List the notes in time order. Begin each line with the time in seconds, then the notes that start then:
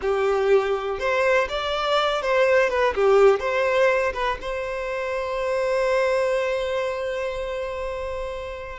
0.01 G4
0.99 C5
1.49 D5
2.22 C5
2.69 B4
2.94 G4
3.39 C5
4.13 B4
4.41 C5